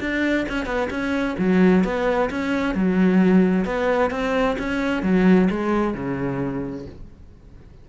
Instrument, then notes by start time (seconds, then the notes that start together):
cello
0.00 D4
0.49 C#4
0.66 B3
0.90 C#4
1.39 F#3
1.84 B3
2.30 C#4
2.75 F#3
3.65 B3
4.11 C4
4.58 C#4
5.03 F#3
5.50 G#3
5.94 C#3